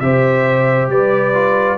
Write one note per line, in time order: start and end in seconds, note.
0.00 0.88 C3
0.00 1.34 G4
0.00 0.91 C5
0.00 0.88 E5
0.88 1.76 G3
0.88 1.77 B4
0.88 1.77 D5
1.34 1.77 F4